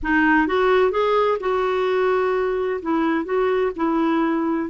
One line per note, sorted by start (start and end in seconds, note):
0.02 0.47 D#4
0.47 0.91 F#4
0.91 1.37 G#4
1.40 2.80 F#4
2.81 3.25 E4
3.25 3.71 F#4
3.76 4.69 E4